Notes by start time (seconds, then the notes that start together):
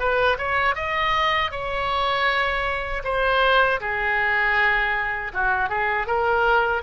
0.00 B4
0.39 C#5
0.76 D#5
1.52 C#5
3.04 C5
3.81 G#4
5.34 F#4
5.70 G#4
6.07 A#4